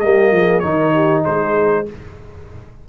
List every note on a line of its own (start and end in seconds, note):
0.00 0.31 G3
0.00 0.62 A#3
0.00 0.34 G4
0.00 0.59 D#5
0.31 0.62 F3
0.31 0.65 G#4
0.59 1.26 D#3
0.59 1.86 D#4
0.59 0.94 A#4
0.59 1.21 C#5
0.94 1.23 G4
1.23 1.88 G#3
1.23 1.84 G#4
1.23 1.86 C5